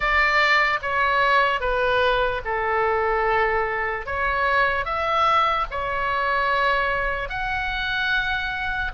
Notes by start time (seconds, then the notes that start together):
0.00 D5
0.82 C#5
1.60 B4
2.45 A4
4.05 C#5
4.85 E5
5.70 C#5
7.29 F#5